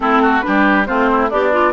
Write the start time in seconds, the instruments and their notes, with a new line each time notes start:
0.00 bassoon A3, clarinet C4, oboe E4, flute A4
0.21 oboe F#4
0.41 clarinet D4, oboe G4, flute B4
0.47 bassoon G3
0.85 bassoon A3, clarinet C4, oboe F4, flute C5
1.11 oboe E4
1.29 bassoon B3, oboe D4, clarinet G4, flute D5
1.52 clarinet F4